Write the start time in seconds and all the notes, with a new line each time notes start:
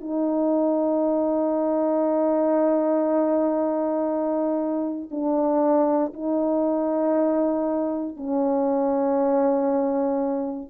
0.00 D#4
5.11 D4
6.13 D#4
8.16 C#4